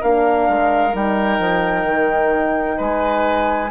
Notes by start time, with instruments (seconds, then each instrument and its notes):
0.00 bassoon A#3, horn D4, oboe A#4, flute F5
0.48 bassoon G#3
0.91 bassoon G3, horn D#4, flute G5
1.39 bassoon F3
1.84 bassoon D#3
2.77 bassoon G#3, oboe B4, flute G#5